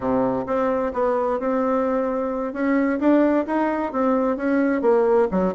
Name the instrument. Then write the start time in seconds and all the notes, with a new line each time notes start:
bassoon
0.00 C3
0.46 C4
0.93 B3
1.39 C4
2.53 C#4
2.99 D4
3.46 D#4
3.92 C4
4.36 C#4
4.81 A#3
5.31 F#3